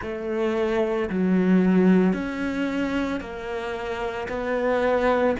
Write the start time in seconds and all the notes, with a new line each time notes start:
0.01 A3
1.09 F#3
2.13 C#4
3.20 A#3
4.28 B3